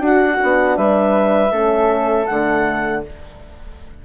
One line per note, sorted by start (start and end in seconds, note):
0.00 0.38 D4
0.00 0.38 F#4
0.00 0.77 F#4
0.00 0.77 F#5
0.38 0.78 B3
0.38 1.50 D4
0.77 1.52 G3
0.77 1.52 B4
0.77 2.26 E5
1.52 2.27 A3
1.52 2.27 C#4
1.52 3.02 A4
2.26 3.05 D3
2.26 3.05 A3
2.26 3.01 F#5